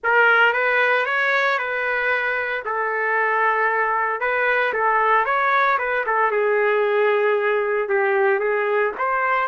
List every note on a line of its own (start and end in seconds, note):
0.03 0.53 A#4
0.53 1.05 B4
1.05 1.58 C#5
1.58 2.63 B4
2.65 4.20 A4
4.20 4.72 B4
4.73 5.25 A4
5.25 5.78 C#5
5.78 6.05 B4
6.06 6.31 A4
6.31 7.88 G#4
7.88 8.39 G4
8.39 8.92 G#4
8.97 9.47 C5